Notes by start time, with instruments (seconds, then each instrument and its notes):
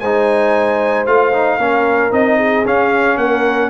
0.00 tuba G#3, trombone D#4, horn C5, trumpet G#5
1.06 tuba A3, trombone F4, trumpet F5
1.33 trombone D#4
1.58 tuba A#3, trombone C#4, horn A#4
2.11 tuba C4, trombone D#4, trumpet D#5
2.38 horn G#4
2.66 tuba C#4, trombone C#4, trumpet F5
3.17 tuba A#3, horn A#4, trumpet F#5